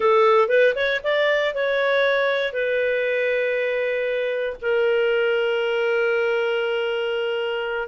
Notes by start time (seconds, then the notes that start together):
0.00 A4
0.48 B4
0.75 C#5
1.03 D5
1.54 C#5
2.53 B4
4.61 A#4